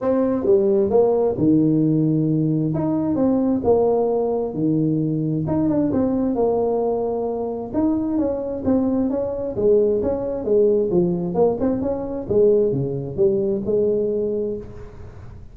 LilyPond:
\new Staff \with { instrumentName = "tuba" } { \time 4/4 \tempo 4 = 132 c'4 g4 ais4 dis4~ | dis2 dis'4 c'4 | ais2 dis2 | dis'8 d'8 c'4 ais2~ |
ais4 dis'4 cis'4 c'4 | cis'4 gis4 cis'4 gis4 | f4 ais8 c'8 cis'4 gis4 | cis4 g4 gis2 | }